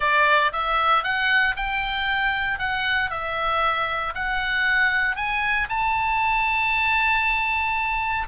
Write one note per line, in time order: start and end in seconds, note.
0.00 0.52 D5
0.52 1.03 E5
1.03 1.55 F#5
1.56 2.59 G5
2.59 3.10 F#5
3.10 4.13 E5
4.14 5.16 F#5
5.16 5.67 G#5
5.69 8.27 A5